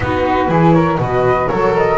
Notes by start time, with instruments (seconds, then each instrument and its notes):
0.00 double bass B3, viola D#4, flute F#4 B4
0.48 double bass E3, viola E4, flute G#4
0.71 flute A#4 C#5
0.98 double bass B2, viola F#4, flute B4 D#5
1.48 double bass F#3, viola A4, flute A#4 C#5
1.76 flute D#5